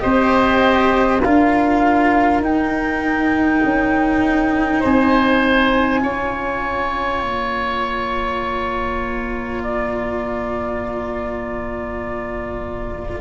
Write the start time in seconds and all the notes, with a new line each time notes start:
0.00 C4 G4 C5 D#5
1.22 D4 F4 A#4 F5
2.40 D#4 G5
3.64 C#4
4.80 C4 C5 G#5
6.01 C#4 F4 C#5
7.21 A#3 A#5
9.63 D5